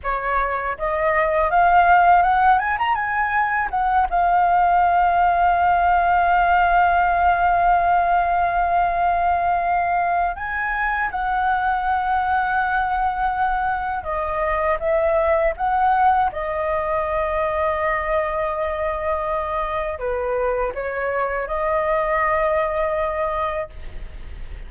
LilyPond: \new Staff \with { instrumentName = "flute" } { \time 4/4 \tempo 4 = 81 cis''4 dis''4 f''4 fis''8 gis''16 ais''16 | gis''4 fis''8 f''2~ f''8~ | f''1~ | f''2 gis''4 fis''4~ |
fis''2. dis''4 | e''4 fis''4 dis''2~ | dis''2. b'4 | cis''4 dis''2. | }